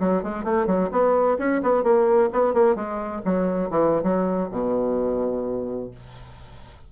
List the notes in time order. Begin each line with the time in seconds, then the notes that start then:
0.00 F#3
0.23 G#3
0.44 A3
0.67 F#3
0.92 B3
1.39 C#4
1.63 B3
1.84 A#3
2.33 B3
2.54 A#3
2.76 G#3
3.25 F#3
3.70 E3
4.03 F#3
4.51 B2